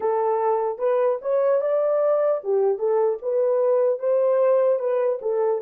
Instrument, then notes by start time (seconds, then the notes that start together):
horn
0.00 A4
0.78 B4
1.21 C#5
1.61 D5
2.43 G4
2.78 A4
3.21 B4
3.99 C5
4.79 B4
5.21 A4